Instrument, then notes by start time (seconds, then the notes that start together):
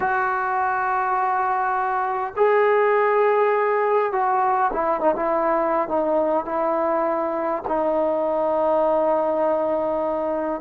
trombone
0.00 F#4
2.36 G#4
4.12 F#4
4.72 E4
5.00 D#4
5.16 E4
5.88 D#4
6.45 E4
7.67 D#4